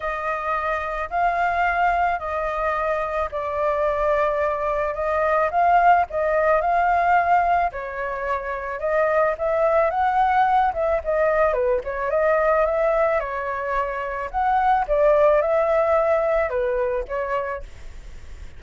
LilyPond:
\new Staff \with { instrumentName = "flute" } { \time 4/4 \tempo 4 = 109 dis''2 f''2 | dis''2 d''2~ | d''4 dis''4 f''4 dis''4 | f''2 cis''2 |
dis''4 e''4 fis''4. e''8 | dis''4 b'8 cis''8 dis''4 e''4 | cis''2 fis''4 d''4 | e''2 b'4 cis''4 | }